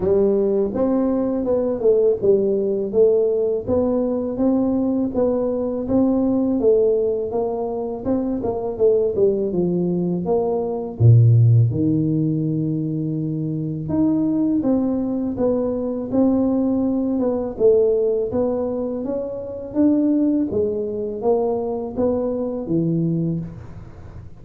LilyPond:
\new Staff \with { instrumentName = "tuba" } { \time 4/4 \tempo 4 = 82 g4 c'4 b8 a8 g4 | a4 b4 c'4 b4 | c'4 a4 ais4 c'8 ais8 | a8 g8 f4 ais4 ais,4 |
dis2. dis'4 | c'4 b4 c'4. b8 | a4 b4 cis'4 d'4 | gis4 ais4 b4 e4 | }